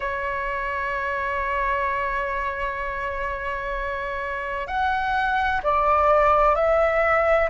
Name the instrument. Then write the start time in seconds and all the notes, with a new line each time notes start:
flute
0.00 C#5
4.67 F#5
5.63 D5
6.55 E5